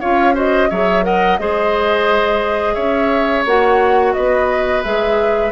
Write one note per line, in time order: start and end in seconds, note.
0.00 0.71 C#4
0.00 0.34 F4
0.00 0.34 C#5
0.00 0.35 F5
0.34 0.69 F#4
0.34 0.69 C5
0.34 0.70 D#5
0.70 1.39 F#3
0.70 1.03 G#4
0.70 1.04 C#5
0.70 1.04 E5
1.03 1.37 A#4
1.03 1.40 D#5
1.03 1.38 F#5
1.38 2.76 G#3
1.38 3.46 G#4
1.38 2.74 C5
1.38 2.74 D#5
2.74 3.45 C#4
2.74 4.12 C#5
2.74 3.43 E5
3.45 4.14 A#3
3.45 4.84 F#4
3.45 4.13 F#5
4.13 4.84 B3
4.13 5.52 B4
4.13 4.82 D#5
4.83 5.52 G#3
4.83 5.52 G#4
4.83 5.52 E5